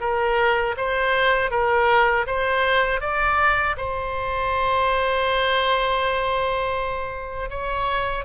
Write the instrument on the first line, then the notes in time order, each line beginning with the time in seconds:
oboe
0.00 A#4
0.77 C5
1.50 A#4
2.26 C5
3.00 D5
3.76 C5
7.49 C#5